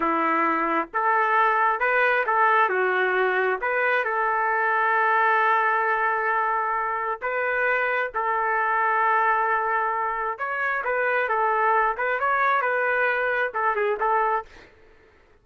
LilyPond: \new Staff \with { instrumentName = "trumpet" } { \time 4/4 \tempo 4 = 133 e'2 a'2 | b'4 a'4 fis'2 | b'4 a'2.~ | a'1 |
b'2 a'2~ | a'2. cis''4 | b'4 a'4. b'8 cis''4 | b'2 a'8 gis'8 a'4 | }